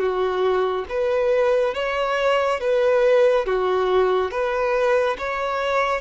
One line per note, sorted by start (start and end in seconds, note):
0.00 0.86 F#4
0.90 1.75 B4
1.75 2.60 C#5
2.61 3.46 B4
3.46 4.31 F#4
4.31 5.17 B4
5.19 6.02 C#5